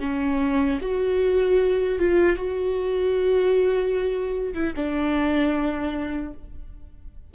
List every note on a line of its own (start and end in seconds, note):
0.00 0.79 C#4
0.82 1.99 F#4
1.99 2.37 F4
2.37 4.54 F#4
4.54 4.74 E4
4.76 6.34 D4